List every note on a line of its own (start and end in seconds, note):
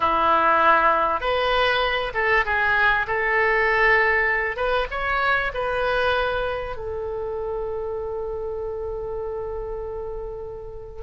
0.00 1.20 E4
1.20 2.12 B4
2.14 2.44 A4
2.45 3.06 G#4
3.07 4.56 A4
4.56 4.86 B4
4.90 5.52 C#5
5.54 6.76 B4
6.76 11.02 A4